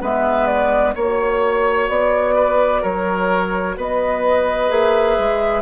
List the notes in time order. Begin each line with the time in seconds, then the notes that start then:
0.00 G#3 B3 B4 E5
0.46 D5
0.94 A#3 F#4 C#5
1.88 B3 D5
2.35 B4
2.81 F#3 A#4 C#5
3.76 B3 B4 D#5
4.68 A#3 G#4 E5
5.18 G#3